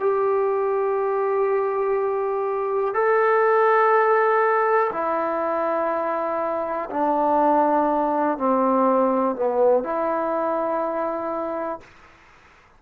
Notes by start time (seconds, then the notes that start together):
0.00 G4
2.95 A4
4.93 E4
6.91 D4
8.38 C4
9.36 B3
9.84 E4